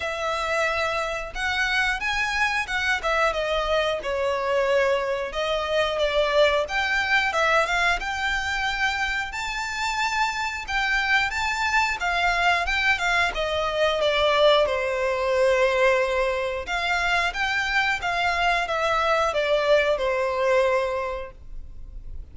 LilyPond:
\new Staff \with { instrumentName = "violin" } { \time 4/4 \tempo 4 = 90 e''2 fis''4 gis''4 | fis''8 e''8 dis''4 cis''2 | dis''4 d''4 g''4 e''8 f''8 | g''2 a''2 |
g''4 a''4 f''4 g''8 f''8 | dis''4 d''4 c''2~ | c''4 f''4 g''4 f''4 | e''4 d''4 c''2 | }